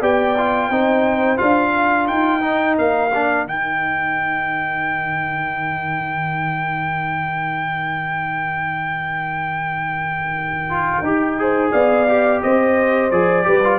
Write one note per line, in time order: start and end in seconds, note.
0.00 0.69 B3
0.00 0.36 G4
0.00 0.69 D5
0.00 1.37 G5
0.37 0.71 F4
0.69 1.38 C4
0.69 1.37 D#4
0.69 1.72 C5
1.37 2.09 D4
1.37 2.40 F4
1.37 2.06 F5
1.72 11.37 A#4
2.07 2.78 D#4
2.07 2.76 G5
2.41 3.09 D#4
2.78 3.45 A#3
2.78 3.47 F5
3.14 3.46 D4
3.45 11.02 D#3
3.45 10.69 D#4
3.45 11.71 G5
10.69 11.03 F4
11.02 11.71 D#4
11.02 11.38 G4
11.38 12.07 G#4
11.38 11.72 C5
11.71 12.41 B3
11.71 12.41 D5
11.71 12.40 F5
12.07 13.11 G4
12.42 13.11 C4
12.42 13.47 C5
12.42 13.10 D#5
13.10 13.45 F3
13.10 13.43 G#4
13.10 13.78 D5
13.43 13.78 G3
13.43 13.60 G4
13.43 13.78 B4
13.64 13.78 F4